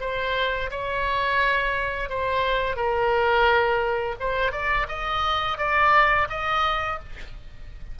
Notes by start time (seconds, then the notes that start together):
0.00 C5
0.70 C#5
2.09 C5
2.76 A#4
4.20 C5
4.52 D5
4.88 D#5
5.58 D5
6.29 D#5